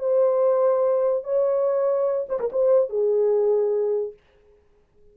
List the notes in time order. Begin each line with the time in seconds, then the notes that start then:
0.00 C5
1.24 C#5
2.30 C5
2.40 A#4
2.53 C5
2.90 G#4